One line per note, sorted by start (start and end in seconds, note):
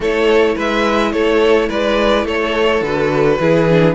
0.00 0.56 A3
0.00 2.83 E4
0.00 0.55 A4
0.00 0.58 C#5
0.55 1.13 G#3
0.55 1.11 B4
0.55 1.12 E5
1.12 1.69 A3
1.12 1.69 A4
1.12 1.69 C#5
1.69 2.24 G#3
1.69 2.25 B4
1.69 2.26 D5
2.24 2.81 A3
2.24 3.38 A4
2.24 2.83 C#5
2.81 3.37 D3
2.81 3.40 F#4
2.81 3.95 B4
3.39 3.95 E3
3.39 3.68 E4
3.39 3.95 G#4
3.69 3.95 D4